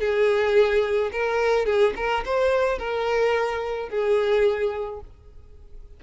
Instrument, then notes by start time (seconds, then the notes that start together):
violin
0.00 G#4
1.12 A#4
1.66 G#4
1.96 A#4
2.25 C5
2.79 A#4
3.89 G#4